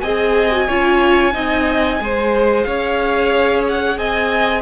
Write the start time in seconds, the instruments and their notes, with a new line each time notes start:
0.00 cello C4, viola G#4, violin D#5 G#5
0.51 viola F#4
0.67 cello C#4, viola F4, violin C#5
1.33 cello C4, viola D#4, violin D#5
2.00 cello G#3, viola G#4, violin C5
2.63 cello C#4, violin C#5 F5
3.68 violin F#5
3.98 cello C4, violin D#5 G#5